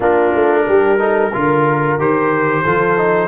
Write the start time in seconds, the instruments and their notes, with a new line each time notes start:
0.00 tuba A#3, trombone D4, horn F4, trumpet A#4
0.34 tuba A3
0.67 tuba G3, horn G4
0.98 trombone D#4, horn A4
1.33 tuba D3, trombone F4, horn A#4
1.97 tuba D#3, trombone G4, trumpet C5
2.63 tuba F3, trombone F4, horn A4
2.97 trombone D#4